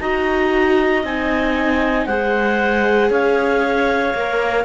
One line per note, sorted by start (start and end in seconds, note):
0.00 1.03 D#4
0.00 1.04 F#4
0.00 2.05 D#5
0.00 1.04 A#5
1.03 2.06 C4
1.03 2.08 D#4
1.03 2.06 G#5
2.05 3.10 G#3
2.05 4.15 G#4
2.05 3.09 C5
2.05 3.09 F#5
3.10 4.14 C#4
3.10 4.64 C#5
3.10 4.64 F5
4.14 4.64 A#3
4.14 4.64 A#4